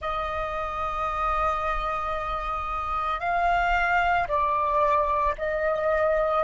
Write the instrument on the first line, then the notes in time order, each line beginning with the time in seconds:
flute
0.01 D#5
3.19 F5
4.28 D5
5.38 D#5